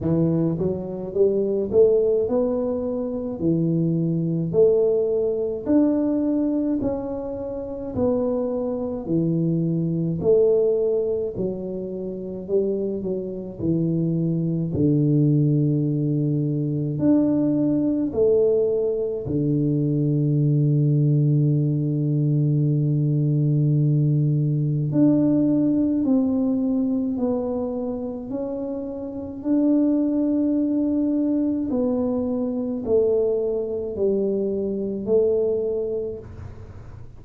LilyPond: \new Staff \with { instrumentName = "tuba" } { \time 4/4 \tempo 4 = 53 e8 fis8 g8 a8 b4 e4 | a4 d'4 cis'4 b4 | e4 a4 fis4 g8 fis8 | e4 d2 d'4 |
a4 d2.~ | d2 d'4 c'4 | b4 cis'4 d'2 | b4 a4 g4 a4 | }